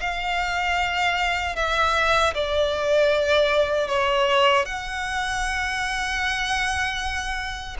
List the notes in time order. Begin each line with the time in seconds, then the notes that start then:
0.00 F5
1.56 E5
2.34 D5
3.87 C#5
4.65 F#5